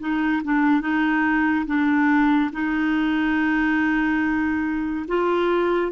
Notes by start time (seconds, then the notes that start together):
0.00 D#4
0.44 D4
0.81 D#4
1.66 D4
2.53 D#4
5.08 F4